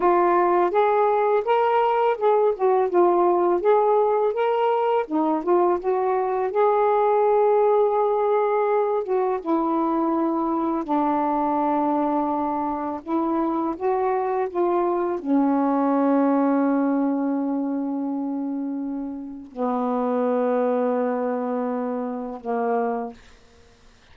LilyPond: \new Staff \with { instrumentName = "saxophone" } { \time 4/4 \tempo 4 = 83 f'4 gis'4 ais'4 gis'8 fis'8 | f'4 gis'4 ais'4 dis'8 f'8 | fis'4 gis'2.~ | gis'8 fis'8 e'2 d'4~ |
d'2 e'4 fis'4 | f'4 cis'2.~ | cis'2. b4~ | b2. ais4 | }